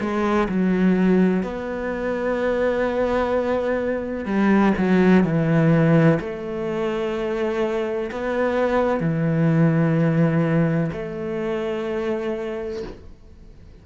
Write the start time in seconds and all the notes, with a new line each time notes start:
0.00 G#3
0.48 F#3
1.43 B3
4.25 G3
4.77 F#3
5.24 E3
6.20 A3
8.11 B3
9.00 E3
10.92 A3